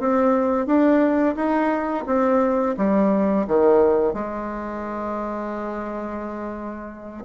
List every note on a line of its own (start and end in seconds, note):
0.00 0.67 C4
0.67 1.36 D4
1.36 2.05 D#4
2.07 2.76 C4
2.77 3.46 G3
3.48 4.14 D#3
4.14 7.24 G#3